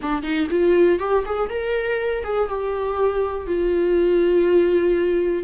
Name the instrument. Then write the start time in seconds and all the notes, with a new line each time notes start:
viola
0.02 D4
0.23 D#4
0.50 F4
0.99 G4
1.25 G#4
1.49 A#4
2.24 G#4
2.49 G4
3.46 F4